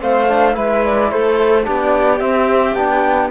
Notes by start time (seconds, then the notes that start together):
0.00 A3 C4 C5 F5
0.29 D4
0.53 G#3 E4 B4 E5
0.85 D5
1.11 A3 A4 C5
1.65 B3 D4 G4 D5
2.20 C4 E5
2.75 B3 D4 G5